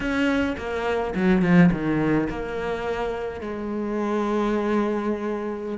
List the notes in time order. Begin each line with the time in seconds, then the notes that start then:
0.00 C#4
0.57 A#3
1.14 F#3
1.42 F3
1.72 D#3
2.29 A#3
3.40 G#3